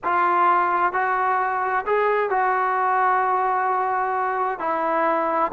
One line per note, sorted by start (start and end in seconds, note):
0.03 0.92 F4
0.92 1.85 F#4
1.86 2.30 G#4
2.30 4.59 F#4
4.59 5.51 E4